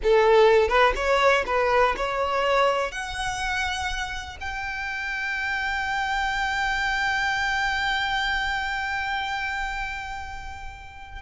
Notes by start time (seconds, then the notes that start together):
0.03 A4
0.68 B4
0.95 C#5
1.46 B4
1.96 C#5
2.91 F#5
4.40 G5